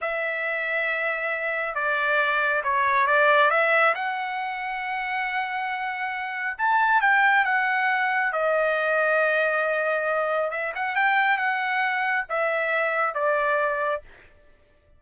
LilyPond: \new Staff \with { instrumentName = "trumpet" } { \time 4/4 \tempo 4 = 137 e''1 | d''2 cis''4 d''4 | e''4 fis''2.~ | fis''2. a''4 |
g''4 fis''2 dis''4~ | dis''1 | e''8 fis''8 g''4 fis''2 | e''2 d''2 | }